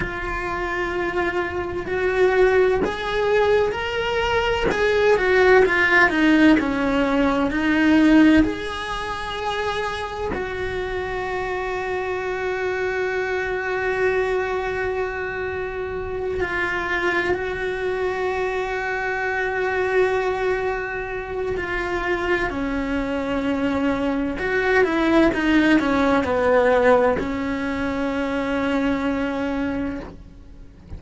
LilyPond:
\new Staff \with { instrumentName = "cello" } { \time 4/4 \tempo 4 = 64 f'2 fis'4 gis'4 | ais'4 gis'8 fis'8 f'8 dis'8 cis'4 | dis'4 gis'2 fis'4~ | fis'1~ |
fis'4. f'4 fis'4.~ | fis'2. f'4 | cis'2 fis'8 e'8 dis'8 cis'8 | b4 cis'2. | }